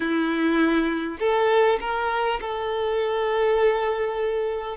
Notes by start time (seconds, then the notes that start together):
0.00 E4
1.19 A4
1.80 A#4
2.41 A4